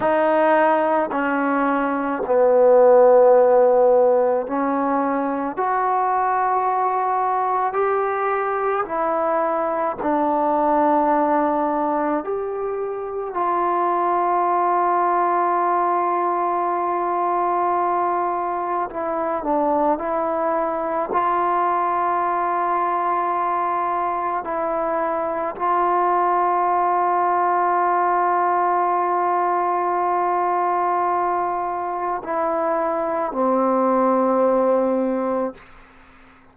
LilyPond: \new Staff \with { instrumentName = "trombone" } { \time 4/4 \tempo 4 = 54 dis'4 cis'4 b2 | cis'4 fis'2 g'4 | e'4 d'2 g'4 | f'1~ |
f'4 e'8 d'8 e'4 f'4~ | f'2 e'4 f'4~ | f'1~ | f'4 e'4 c'2 | }